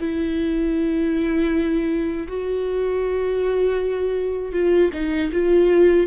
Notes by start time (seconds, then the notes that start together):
0.00 E4
2.28 F#4
4.53 F4
4.94 D#4
5.32 F4